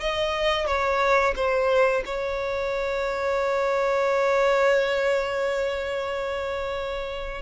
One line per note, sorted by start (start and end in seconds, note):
0.00 0.66 D#5
0.66 1.34 C#5
1.36 2.03 C5
2.05 7.41 C#5